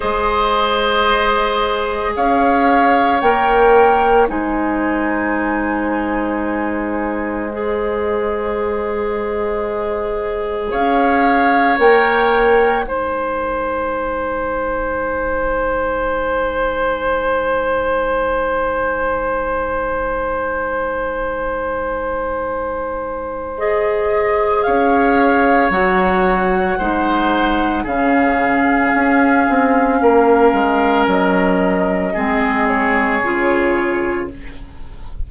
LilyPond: <<
  \new Staff \with { instrumentName = "flute" } { \time 4/4 \tempo 4 = 56 dis''2 f''4 g''4 | gis''2. dis''4~ | dis''2 f''4 g''4 | gis''1~ |
gis''1~ | gis''2 dis''4 f''4 | fis''2 f''2~ | f''4 dis''4. cis''4. | }
  \new Staff \with { instrumentName = "oboe" } { \time 4/4 c''2 cis''2 | c''1~ | c''2 cis''2 | c''1~ |
c''1~ | c''2. cis''4~ | cis''4 c''4 gis'2 | ais'2 gis'2 | }
  \new Staff \with { instrumentName = "clarinet" } { \time 4/4 gis'2. ais'4 | dis'2. gis'4~ | gis'2. ais'4 | dis'1~ |
dis'1~ | dis'2 gis'2 | fis'4 dis'4 cis'2~ | cis'2 c'4 f'4 | }
  \new Staff \with { instrumentName = "bassoon" } { \time 4/4 gis2 cis'4 ais4 | gis1~ | gis2 cis'4 ais4 | gis1~ |
gis1~ | gis2. cis'4 | fis4 gis4 cis4 cis'8 c'8 | ais8 gis8 fis4 gis4 cis4 | }
>>